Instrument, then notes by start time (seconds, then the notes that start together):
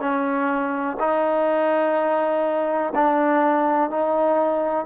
trombone
0.00 C#4
0.99 D#4
2.95 D4
3.90 D#4